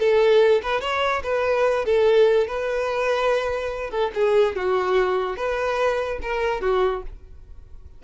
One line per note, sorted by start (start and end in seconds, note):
0.00 0.62 A4
0.63 0.81 B4
0.81 1.23 C#5
1.24 1.86 B4
1.86 2.48 A4
2.48 3.91 B4
3.91 4.11 A4
4.15 4.56 G#4
4.56 5.37 F#4
5.37 6.20 B4
6.22 6.62 A#4
6.62 7.03 F#4